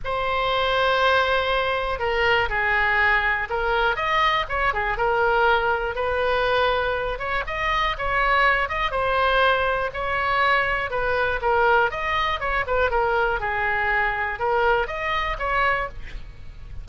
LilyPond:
\new Staff \with { instrumentName = "oboe" } { \time 4/4 \tempo 4 = 121 c''1 | ais'4 gis'2 ais'4 | dis''4 cis''8 gis'8 ais'2 | b'2~ b'8 cis''8 dis''4 |
cis''4. dis''8 c''2 | cis''2 b'4 ais'4 | dis''4 cis''8 b'8 ais'4 gis'4~ | gis'4 ais'4 dis''4 cis''4 | }